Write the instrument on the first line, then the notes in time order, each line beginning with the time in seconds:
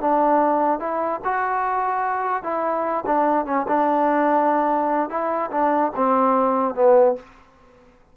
trombone
0.00 D4
0.79 E4
1.24 F#4
2.43 E4
3.06 D4
3.45 C#4
3.67 D4
5.09 E4
5.51 D4
5.95 C4
6.74 B3